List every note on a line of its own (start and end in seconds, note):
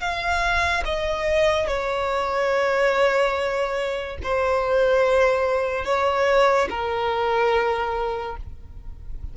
0.00 0.83 F5
0.85 1.67 D#5
1.67 4.17 C#5
4.23 5.85 C5
5.85 6.68 C#5
6.70 8.36 A#4